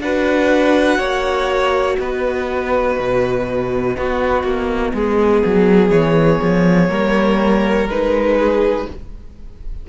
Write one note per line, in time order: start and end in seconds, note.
0.00 0.98 D4
0.00 3.94 F#4
0.00 0.98 B4
0.00 1.98 F#5
0.98 1.96 A#3
0.98 1.97 C#5
1.98 2.98 B3
1.98 3.97 B4
1.98 5.91 D#5
2.99 3.97 B2
3.94 6.89 B3
3.94 4.43 B3
3.94 4.94 F#4
4.43 4.93 A#3
4.94 5.43 G#3
4.94 6.90 G#4
5.45 5.90 F#3
5.90 6.39 E3
5.90 7.87 C#5
6.42 6.89 F3
6.89 7.87 G3
6.89 7.87 A#3
6.89 8.37 A#4
7.87 8.86 G#3
7.87 8.89 D#4
7.87 8.88 B4
8.37 8.86 G#4